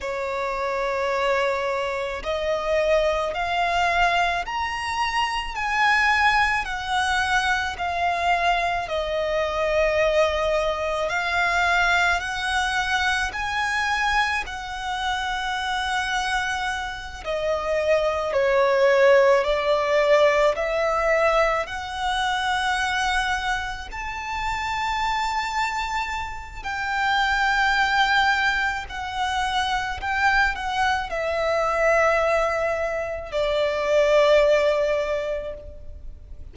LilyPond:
\new Staff \with { instrumentName = "violin" } { \time 4/4 \tempo 4 = 54 cis''2 dis''4 f''4 | ais''4 gis''4 fis''4 f''4 | dis''2 f''4 fis''4 | gis''4 fis''2~ fis''8 dis''8~ |
dis''8 cis''4 d''4 e''4 fis''8~ | fis''4. a''2~ a''8 | g''2 fis''4 g''8 fis''8 | e''2 d''2 | }